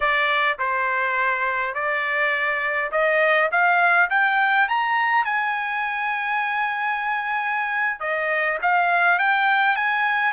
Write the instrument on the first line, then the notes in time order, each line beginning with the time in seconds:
trumpet
0.00 D5
0.58 C5
1.74 D5
2.91 D#5
3.51 F5
4.10 G5
4.68 A#5
5.24 G#5
8.00 D#5
8.61 F5
9.19 G5
9.76 G#5